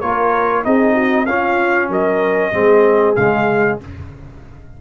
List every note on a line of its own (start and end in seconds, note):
0.00 0.65 A#3
0.00 0.64 F4
0.00 0.64 A#4
0.00 0.63 C#5
0.64 1.26 C4
0.64 1.27 D#4
0.64 0.94 G#4
0.64 1.26 D#5
0.94 1.26 F#4
1.26 1.89 C#4
1.26 2.52 C#4
1.26 1.90 F4
1.26 1.89 F5
1.89 2.52 F#3
1.89 2.52 A#4
1.89 3.16 D#5
2.52 3.16 G#3
2.52 3.16 C4
2.52 3.78 G#4
3.16 3.80 C#3
3.16 3.81 G#3
3.16 3.79 F5